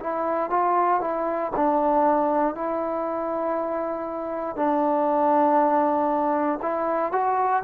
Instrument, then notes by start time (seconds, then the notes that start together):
trombone
0.00 E4
0.50 F4
1.01 E4
1.56 D4
2.55 E4
4.56 D4
6.62 E4
7.12 F#4